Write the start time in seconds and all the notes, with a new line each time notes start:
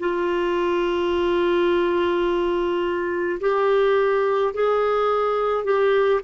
0.00 F4
3.41 G4
4.54 G#4
5.64 G4